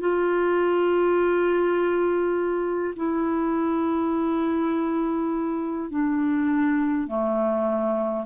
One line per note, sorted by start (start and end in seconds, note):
0.00 2.94 F4
2.96 5.90 E4
5.90 7.07 D4
7.07 8.25 A3